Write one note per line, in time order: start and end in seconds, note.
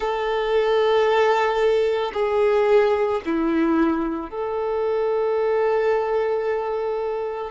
0.00 2.12 A4
2.13 3.20 G#4
3.25 4.30 E4
4.30 7.50 A4